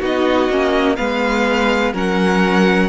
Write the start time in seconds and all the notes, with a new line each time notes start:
0.00 B3 D#4 F#4 D#5
0.50 A#3 C#4
0.97 G#3 B3 B4 F5
1.94 F#3 C#4 A#4 F#5